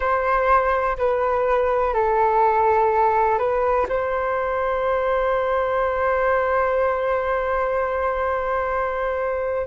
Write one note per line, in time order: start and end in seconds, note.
0.00 0.97 C5
0.97 1.94 B4
1.94 3.38 A4
3.38 3.87 B4
3.88 9.67 C5